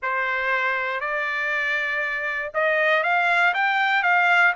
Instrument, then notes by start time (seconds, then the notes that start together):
trumpet
0.02 C5
1.00 D5
2.54 D#5
3.03 F5
3.54 G5
4.02 F5